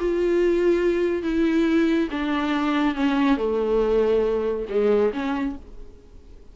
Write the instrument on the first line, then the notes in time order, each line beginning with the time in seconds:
viola
0.00 F4
1.23 E4
2.11 D4
2.95 C#4
3.38 A3
4.69 G#3
5.14 C#4